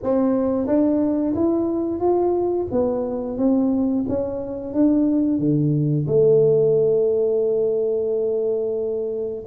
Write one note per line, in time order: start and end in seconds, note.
0.02 0.66 C4
0.66 1.34 D4
1.35 1.99 E4
1.99 2.67 F4
2.71 3.37 B3
3.37 4.05 C4
4.08 4.73 C#4
4.73 5.38 D4
5.38 6.06 D3
6.07 9.44 A3